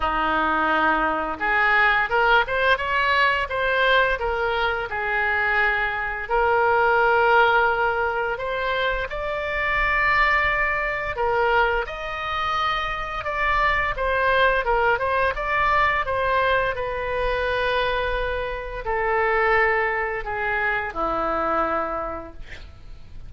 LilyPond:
\new Staff \with { instrumentName = "oboe" } { \time 4/4 \tempo 4 = 86 dis'2 gis'4 ais'8 c''8 | cis''4 c''4 ais'4 gis'4~ | gis'4 ais'2. | c''4 d''2. |
ais'4 dis''2 d''4 | c''4 ais'8 c''8 d''4 c''4 | b'2. a'4~ | a'4 gis'4 e'2 | }